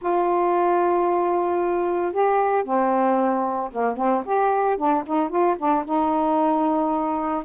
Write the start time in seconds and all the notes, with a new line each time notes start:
0.01 F4
2.12 G4
2.64 C4
3.72 A#3
3.97 C4
4.25 G4
4.77 D4
5.06 D#4
5.29 F4
5.58 D4
5.85 D#4